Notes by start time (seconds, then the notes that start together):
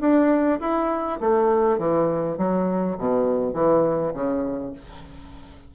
0.00 D4
0.60 E4
1.20 A3
1.78 E3
2.37 F#3
2.98 B2
3.53 E3
4.13 C#3